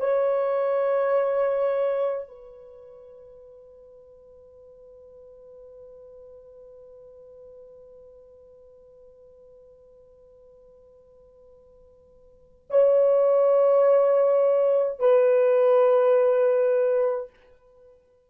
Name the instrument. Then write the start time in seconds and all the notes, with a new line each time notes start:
horn
0.00 C#5
2.29 B4
12.71 C#5
14.99 B4